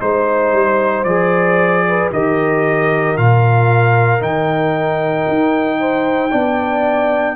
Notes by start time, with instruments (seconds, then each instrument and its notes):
0.00 tuba G#3, trombone D#4, trumpet C5, horn C5
0.52 tuba G3
1.04 tuba F3, trombone G#4, trumpet D5
1.88 horn B4
2.12 tuba D#3, trombone G4, horn A#4, trumpet D#5
3.17 tuba A#2, trombone F4, trumpet F5
4.19 tuba D#3, trombone D#4, trumpet G5
5.28 tuba D#4
5.79 horn C5
6.30 tuba B3, trombone D4, horn D5